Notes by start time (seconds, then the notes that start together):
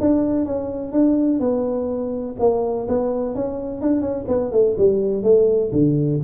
0.00 D4
0.45 C#4
0.92 D4
1.39 B3
2.39 A#3
2.88 B3
3.35 C#4
3.81 D4
4.01 C#4
4.28 B3
4.52 A3
4.78 G3
5.23 A3
5.72 D3